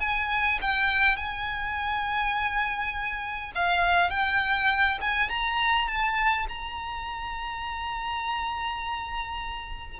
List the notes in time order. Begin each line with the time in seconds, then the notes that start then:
0.00 G#5
0.61 G5
1.17 G#5
3.55 F5
4.10 G5
5.01 G#5
5.29 A#5
5.88 A5
6.49 A#5